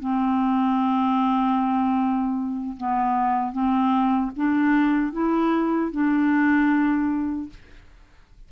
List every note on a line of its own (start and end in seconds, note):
0.00 2.76 C4
2.77 3.52 B3
3.52 4.31 C4
4.36 5.13 D4
5.13 5.92 E4
5.92 7.50 D4